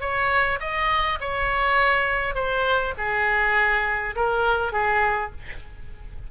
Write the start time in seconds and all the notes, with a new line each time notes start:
0.00 C#5
0.60 D#5
1.20 C#5
2.34 C5
2.97 G#4
4.15 A#4
4.72 G#4